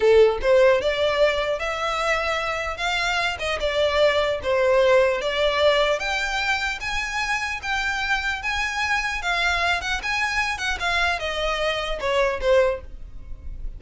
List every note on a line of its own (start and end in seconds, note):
0.00 0.38 A4
0.41 0.81 C5
0.81 1.59 D5
1.59 2.77 E5
2.77 3.37 F5
3.39 3.59 D#5
3.60 4.40 D5
4.42 5.21 C5
5.21 5.99 D5
5.99 6.79 G5
6.80 7.60 G#5
7.62 8.42 G5
8.42 9.22 G#5
9.22 9.81 F5
9.81 10.01 F#5
10.03 10.58 G#5
10.58 10.78 F#5
10.79 11.19 F5
11.19 11.99 D#5
12.00 12.40 C#5
12.40 12.80 C5